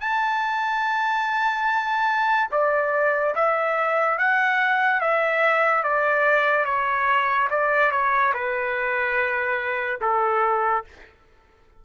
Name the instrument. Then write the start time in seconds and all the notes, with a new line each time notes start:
trumpet
0.00 A5
2.51 D5
3.34 E5
4.18 F#5
5.00 E5
5.83 D5
6.65 C#5
7.50 D5
7.91 C#5
8.33 B4
10.01 A4